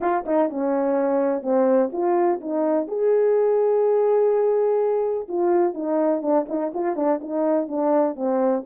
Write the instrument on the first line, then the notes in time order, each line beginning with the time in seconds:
horn
0.00 F4
0.25 D#4
0.49 C#4
1.42 C4
1.92 F4
2.40 D#4
2.87 G#4
5.28 F4
5.74 D#4
6.22 D4
6.48 D#4
6.74 F4
6.96 D4
7.21 D#4
7.67 D4
8.15 C4